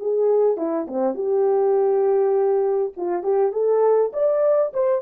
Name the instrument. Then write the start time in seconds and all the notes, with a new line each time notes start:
horn
0.00 G#4
0.58 E4
0.88 C4
1.15 G4
2.97 F4
3.24 G4
3.53 A4
4.13 D5
4.74 C5